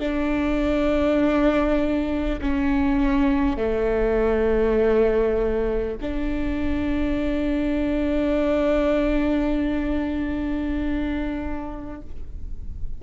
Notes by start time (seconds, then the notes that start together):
0.00 D4
2.41 C#4
3.57 A3
6.01 D4